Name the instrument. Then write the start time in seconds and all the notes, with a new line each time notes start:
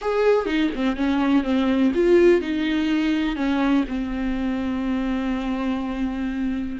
viola
0.01 G#4
0.46 D#4
0.75 C4
0.96 C#4
1.43 C4
1.94 F4
2.41 D#4
3.35 C#4
3.88 C4